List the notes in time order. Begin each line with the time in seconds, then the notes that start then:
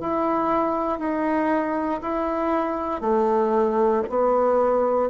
0.00 E4
0.99 D#4
2.02 E4
3.01 A3
4.09 B3